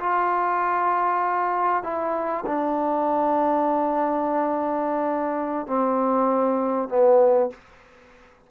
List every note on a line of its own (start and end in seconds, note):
0.00 1.84 F4
1.84 2.45 E4
2.47 5.67 D4
5.67 6.89 C4
6.89 7.50 B3